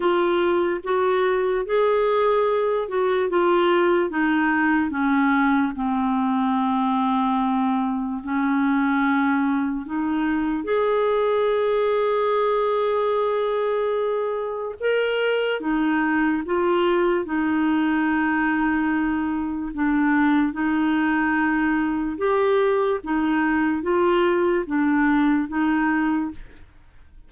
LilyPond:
\new Staff \with { instrumentName = "clarinet" } { \time 4/4 \tempo 4 = 73 f'4 fis'4 gis'4. fis'8 | f'4 dis'4 cis'4 c'4~ | c'2 cis'2 | dis'4 gis'2.~ |
gis'2 ais'4 dis'4 | f'4 dis'2. | d'4 dis'2 g'4 | dis'4 f'4 d'4 dis'4 | }